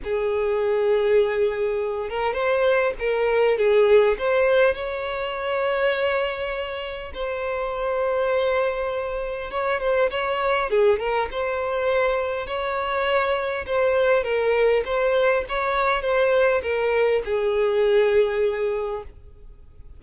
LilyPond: \new Staff \with { instrumentName = "violin" } { \time 4/4 \tempo 4 = 101 gis'2.~ gis'8 ais'8 | c''4 ais'4 gis'4 c''4 | cis''1 | c''1 |
cis''8 c''8 cis''4 gis'8 ais'8 c''4~ | c''4 cis''2 c''4 | ais'4 c''4 cis''4 c''4 | ais'4 gis'2. | }